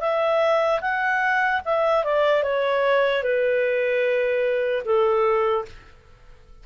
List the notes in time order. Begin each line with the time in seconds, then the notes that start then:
0.00 E5
0.81 F#5
1.65 E5
2.04 D5
2.43 C#5
3.23 B4
4.85 A4